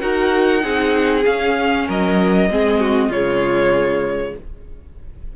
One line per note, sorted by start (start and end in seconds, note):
0.00 0.63 D#4
0.00 0.60 F#4
0.00 0.64 A#4
0.00 1.24 F#5
0.60 1.25 C4
0.60 1.22 D#4
0.60 1.87 G#4
1.26 2.49 C#4
1.26 1.88 C#4
1.26 1.87 F5
1.87 2.50 F#3
1.87 2.49 A#4
1.87 3.12 D#5
2.50 3.09 G#3
2.50 3.12 C4
2.50 2.80 G#4
2.80 3.09 F#4
3.09 4.33 C#3
3.09 4.36 G#3
3.09 4.32 F4
3.09 4.36 C#5